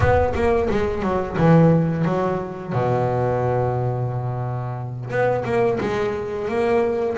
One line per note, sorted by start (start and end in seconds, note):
0.00 0.33 B3
0.34 0.68 A#3
0.70 1.02 G#3
1.02 1.36 F#3
1.37 2.05 E3
2.05 2.72 F#3
2.72 5.10 B2
5.10 5.44 B3
5.44 5.78 A#3
5.80 6.48 G#3
6.48 7.16 A#3